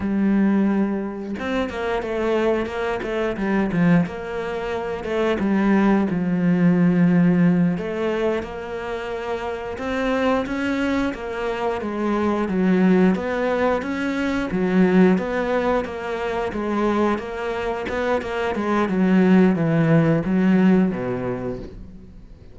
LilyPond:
\new Staff \with { instrumentName = "cello" } { \time 4/4 \tempo 4 = 89 g2 c'8 ais8 a4 | ais8 a8 g8 f8 ais4. a8 | g4 f2~ f8 a8~ | a8 ais2 c'4 cis'8~ |
cis'8 ais4 gis4 fis4 b8~ | b8 cis'4 fis4 b4 ais8~ | ais8 gis4 ais4 b8 ais8 gis8 | fis4 e4 fis4 b,4 | }